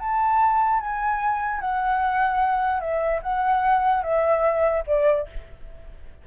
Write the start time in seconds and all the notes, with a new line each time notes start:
0.00 A5
0.80 G#5
1.61 F#5
2.81 E5
3.23 F#5
4.04 E5
4.87 D5